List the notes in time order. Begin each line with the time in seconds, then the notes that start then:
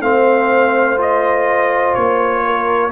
0.00 A3 C4 C5 F5
0.96 F4 D#5
1.94 A#3 C#5
2.44 A#4